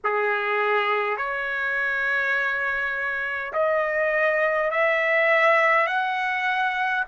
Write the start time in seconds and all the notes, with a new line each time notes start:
0.04 G#4
1.17 C#5
3.53 D#5
4.71 E5
5.87 F#5